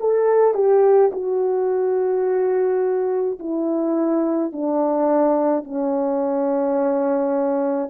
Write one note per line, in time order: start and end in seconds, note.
0.00 0.54 A4
0.54 1.11 G4
1.12 3.39 F#4
3.39 4.52 E4
4.52 5.64 D4
5.64 7.89 C#4